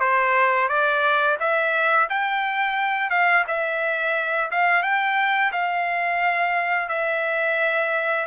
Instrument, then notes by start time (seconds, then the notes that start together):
trumpet
0.00 C5
0.69 D5
1.40 E5
2.10 G5
3.11 F5
3.48 E5
4.51 F5
4.83 G5
5.53 F5
6.89 E5